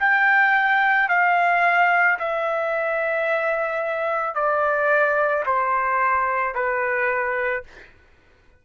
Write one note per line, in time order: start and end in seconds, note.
0.00 1.09 G5
1.09 2.18 F5
2.20 4.35 E5
4.35 5.44 D5
5.46 6.55 C5
6.55 7.64 B4